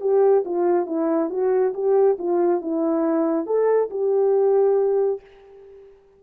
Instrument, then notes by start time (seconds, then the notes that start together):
horn
0.00 G4
0.45 F4
0.86 E4
1.30 F#4
1.74 G4
2.19 F4
2.61 E4
3.46 A4
3.90 G4